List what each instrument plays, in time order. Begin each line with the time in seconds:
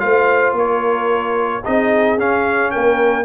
0.00 tuba A3, trombone F4, horn C5, trumpet F5
0.53 tuba A#3, horn A#4, trumpet C#5
1.65 tuba C4, trombone D#4, horn G#4, trumpet D#5
2.18 tuba C#4, trombone C#4, trumpet F5
2.71 tuba A#3, horn A#4, trumpet G5